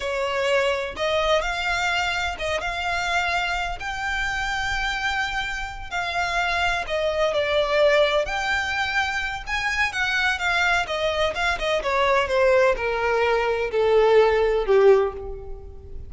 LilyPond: \new Staff \with { instrumentName = "violin" } { \time 4/4 \tempo 4 = 127 cis''2 dis''4 f''4~ | f''4 dis''8 f''2~ f''8 | g''1~ | g''8 f''2 dis''4 d''8~ |
d''4. g''2~ g''8 | gis''4 fis''4 f''4 dis''4 | f''8 dis''8 cis''4 c''4 ais'4~ | ais'4 a'2 g'4 | }